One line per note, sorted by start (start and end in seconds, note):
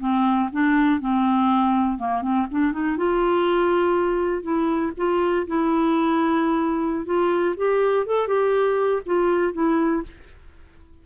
0.00 0.50 C4
0.52 1.00 D4
1.00 1.98 C4
1.98 2.22 A#3
2.22 2.47 C4
2.51 2.72 D4
2.72 2.97 D#4
2.97 4.43 F4
4.43 4.92 E4
4.97 5.47 F4
5.47 7.05 E4
7.05 7.55 F4
7.57 8.06 G4
8.06 8.27 A4
8.27 9.02 G4
9.06 9.53 F4
9.53 10.03 E4